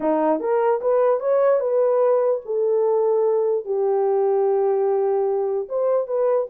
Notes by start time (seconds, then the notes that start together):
0.00 D#4
0.40 A#4
0.81 B4
1.19 C#5
1.59 B4
2.45 A4
3.65 G4
5.69 C5
6.07 B4